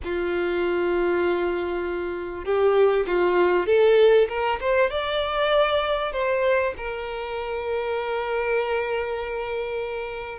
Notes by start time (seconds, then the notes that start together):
0.03 F4
2.44 G4
3.06 F4
3.66 A4
4.28 A#4
4.60 C5
4.90 D5
6.12 C5
6.77 A#4